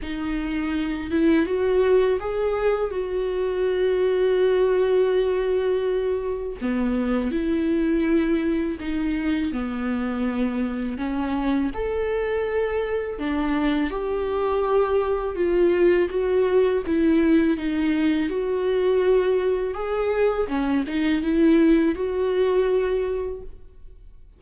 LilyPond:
\new Staff \with { instrumentName = "viola" } { \time 4/4 \tempo 4 = 82 dis'4. e'8 fis'4 gis'4 | fis'1~ | fis'4 b4 e'2 | dis'4 b2 cis'4 |
a'2 d'4 g'4~ | g'4 f'4 fis'4 e'4 | dis'4 fis'2 gis'4 | cis'8 dis'8 e'4 fis'2 | }